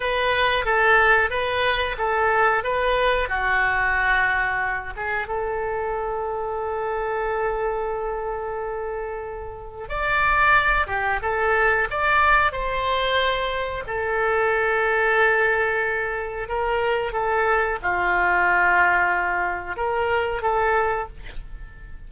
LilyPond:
\new Staff \with { instrumentName = "oboe" } { \time 4/4 \tempo 4 = 91 b'4 a'4 b'4 a'4 | b'4 fis'2~ fis'8 gis'8 | a'1~ | a'2. d''4~ |
d''8 g'8 a'4 d''4 c''4~ | c''4 a'2.~ | a'4 ais'4 a'4 f'4~ | f'2 ais'4 a'4 | }